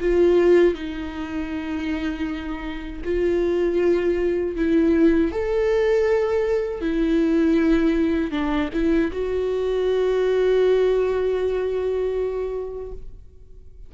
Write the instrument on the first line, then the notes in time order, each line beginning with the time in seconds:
viola
0.00 F4
0.74 D#4
3.04 F4
4.56 E4
5.31 A4
6.81 E4
8.31 D4
8.73 E4
9.12 F#4